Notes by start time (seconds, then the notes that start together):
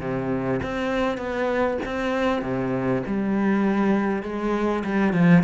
0.00 C3
0.63 C4
1.17 B3
1.85 C4
2.42 C3
3.07 G3
4.23 G#3
4.84 G3
5.13 F3